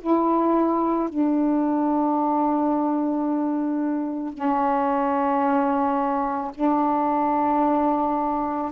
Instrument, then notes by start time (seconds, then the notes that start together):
saxophone
0.00 E4
1.09 D4
4.33 C#4
6.55 D4